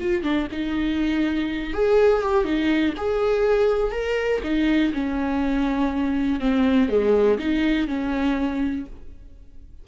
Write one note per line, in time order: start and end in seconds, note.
0.00 0.23 F4
0.23 0.47 D4
0.52 1.73 D#4
1.73 2.22 G#4
2.22 2.44 G4
2.44 2.94 D#4
2.97 3.91 G#4
3.91 4.41 A#4
4.43 4.92 D#4
4.93 6.40 C#4
6.40 6.89 C4
6.89 7.38 G#3
7.38 7.87 D#4
7.87 8.85 C#4